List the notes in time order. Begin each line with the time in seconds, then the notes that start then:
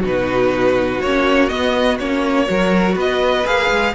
0.00 B2 D#4 F#4 B4
1.01 A#3 C#4 C#5
1.49 B3 D#5
1.99 A#3 C#4 C#5
2.46 F#3 F#4 A#4
2.95 B3 B4 D#5
3.46 A#3 G#4 F5
3.70 G#3